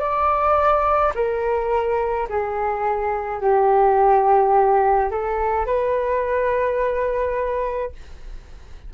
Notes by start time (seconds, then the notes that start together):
0.00 D5
1.15 A#4
2.30 G#4
3.41 G4
5.11 A4
5.67 B4